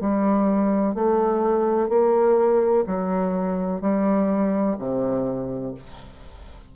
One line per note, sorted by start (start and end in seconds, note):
0.00 0.94 G3
0.94 1.89 A3
1.89 2.84 A#3
2.86 3.81 F#3
3.81 4.76 G3
4.78 5.74 C3